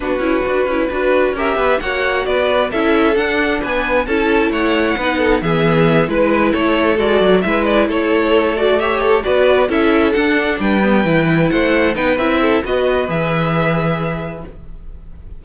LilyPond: <<
  \new Staff \with { instrumentName = "violin" } { \time 4/4 \tempo 4 = 133 b'2. e''4 | fis''4 d''4 e''4 fis''4 | gis''4 a''4 fis''2 | e''4. b'4 cis''4 d''8~ |
d''8 e''8 d''8 cis''4. d''8 e''8 | a'8 d''4 e''4 fis''4 g''8~ | g''4. fis''4 g''8 e''4 | dis''4 e''2. | }
  \new Staff \with { instrumentName = "violin" } { \time 4/4 fis'2 b'4 ais'8 b'8 | cis''4 b'4 a'2 | b'4 a'4 cis''4 b'8 a'8 | gis'4. b'4 a'4.~ |
a'8 b'4 a'2 cis''8~ | cis''8 b'4 a'2 b'8~ | b'4. c''4 b'4 a'8 | b'1 | }
  \new Staff \with { instrumentName = "viola" } { \time 4/4 d'8 e'8 fis'8 e'8 fis'4 g'4 | fis'2 e'4 d'4~ | d'4 e'2 dis'4 | b4. e'2 fis'8~ |
fis'8 e'2~ e'8 fis'8 g'8~ | g'8 fis'4 e'4 d'4. | b8 e'2 dis'8 e'4 | fis'4 gis'2. | }
  \new Staff \with { instrumentName = "cello" } { \time 4/4 b8 cis'8 d'8 cis'8 d'4 cis'8 b8 | ais4 b4 cis'4 d'4 | b4 cis'4 a4 b4 | e4. gis4 a4 gis8 |
fis8 gis4 a2~ a8~ | a8 b4 cis'4 d'4 g8~ | g8 e4 a4 b8 c'4 | b4 e2. | }
>>